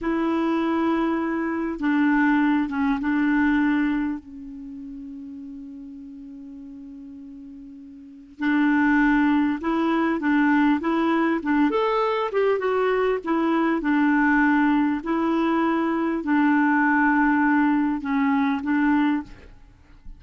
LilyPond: \new Staff \with { instrumentName = "clarinet" } { \time 4/4 \tempo 4 = 100 e'2. d'4~ | d'8 cis'8 d'2 cis'4~ | cis'1~ | cis'2 d'2 |
e'4 d'4 e'4 d'8 a'8~ | a'8 g'8 fis'4 e'4 d'4~ | d'4 e'2 d'4~ | d'2 cis'4 d'4 | }